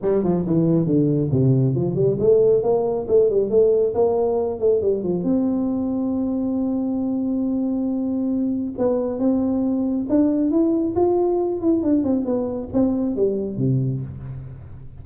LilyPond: \new Staff \with { instrumentName = "tuba" } { \time 4/4 \tempo 4 = 137 g8 f8 e4 d4 c4 | f8 g8 a4 ais4 a8 g8 | a4 ais4. a8 g8 f8 | c'1~ |
c'1 | b4 c'2 d'4 | e'4 f'4. e'8 d'8 c'8 | b4 c'4 g4 c4 | }